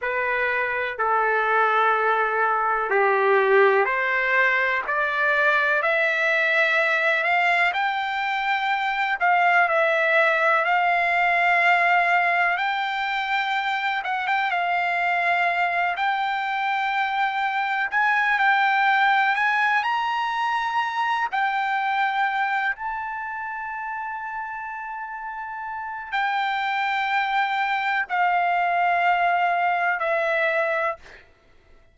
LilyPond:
\new Staff \with { instrumentName = "trumpet" } { \time 4/4 \tempo 4 = 62 b'4 a'2 g'4 | c''4 d''4 e''4. f''8 | g''4. f''8 e''4 f''4~ | f''4 g''4. fis''16 g''16 f''4~ |
f''8 g''2 gis''8 g''4 | gis''8 ais''4. g''4. a''8~ | a''2. g''4~ | g''4 f''2 e''4 | }